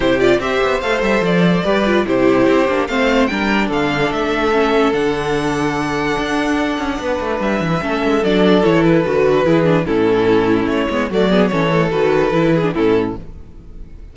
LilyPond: <<
  \new Staff \with { instrumentName = "violin" } { \time 4/4 \tempo 4 = 146 c''8 d''8 e''4 f''8 e''8 d''4~ | d''4 c''2 f''4 | g''4 f''4 e''2 | fis''1~ |
fis''2 e''2 | d''4 cis''8 b'2~ b'8 | a'2 cis''4 d''4 | cis''4 b'2 a'4 | }
  \new Staff \with { instrumentName = "violin" } { \time 4/4 g'4 c''2. | b'4 g'2 c''4 | ais'4 a'2.~ | a'1~ |
a'4 b'2 a'4~ | a'2. gis'4 | e'2. fis'8 gis'8 | a'2~ a'8 gis'8 e'4 | }
  \new Staff \with { instrumentName = "viola" } { \time 4/4 e'8 f'8 g'4 a'2 | g'8 f'8 e'4. d'8 c'4 | d'2. cis'4 | d'1~ |
d'2. cis'4 | d'4 e'4 fis'4 e'8 d'8 | cis'2~ cis'8 b8 a8 b8 | cis'8 a8 fis'4 e'8. d'16 cis'4 | }
  \new Staff \with { instrumentName = "cello" } { \time 4/4 c4 c'8 b8 a8 g8 f4 | g4 c4 c'8 ais8 a4 | g4 d4 a2 | d2. d'4~ |
d'8 cis'8 b8 a8 g8 e8 a8 gis8 | fis4 e4 d4 e4 | a,2 a8 gis8 fis4 | e4 dis4 e4 a,4 | }
>>